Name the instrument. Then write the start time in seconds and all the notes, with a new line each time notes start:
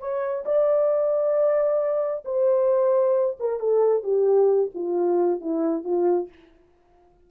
horn
0.00 C#5
0.45 D5
2.25 C5
3.40 A#4
3.60 A4
4.04 G4
4.75 F4
5.41 E4
5.84 F4